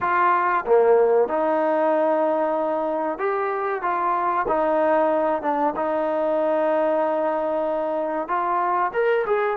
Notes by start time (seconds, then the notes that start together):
0.01 F4
0.66 A#3
1.28 D#4
3.18 G4
3.82 F4
4.48 D#4
5.42 D4
5.76 D#4
8.27 F4
8.93 A#4
9.26 G#4